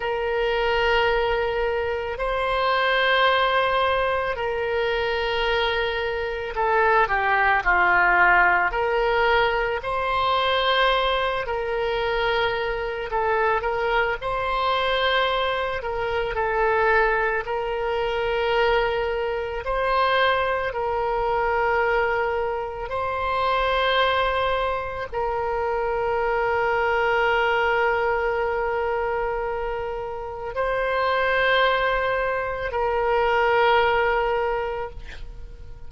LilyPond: \new Staff \with { instrumentName = "oboe" } { \time 4/4 \tempo 4 = 55 ais'2 c''2 | ais'2 a'8 g'8 f'4 | ais'4 c''4. ais'4. | a'8 ais'8 c''4. ais'8 a'4 |
ais'2 c''4 ais'4~ | ais'4 c''2 ais'4~ | ais'1 | c''2 ais'2 | }